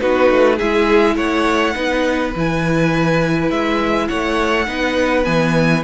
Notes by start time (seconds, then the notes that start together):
0.00 B3 D#4 F#4 B4
0.31 A3
0.57 G#3 E4 G#4 E5
1.16 A3 C#5 F#5
1.74 B3 D#4 B4
2.36 E3 E4 G#5
3.51 G#3 E5
4.08 A3 C#5 F#5
4.67 B3 D#4 B4
5.25 E3 B3 G#5